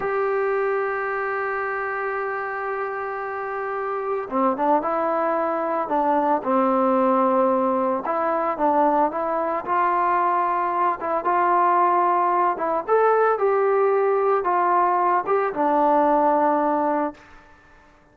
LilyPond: \new Staff \with { instrumentName = "trombone" } { \time 4/4 \tempo 4 = 112 g'1~ | g'1 | c'8 d'8 e'2 d'4 | c'2. e'4 |
d'4 e'4 f'2~ | f'8 e'8 f'2~ f'8 e'8 | a'4 g'2 f'4~ | f'8 g'8 d'2. | }